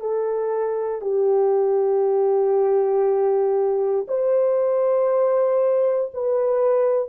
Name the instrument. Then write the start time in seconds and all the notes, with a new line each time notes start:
horn
0.00 A4
1.01 G4
4.08 C5
6.13 B4